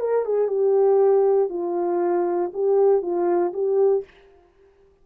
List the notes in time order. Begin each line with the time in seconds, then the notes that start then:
0.00 A#4
0.25 G#4
0.48 G4
1.50 F4
2.53 G4
3.02 F4
3.53 G4